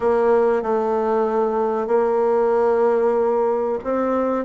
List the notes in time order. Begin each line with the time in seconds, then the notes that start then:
0.00 A#3
0.62 A3
1.87 A#3
3.84 C4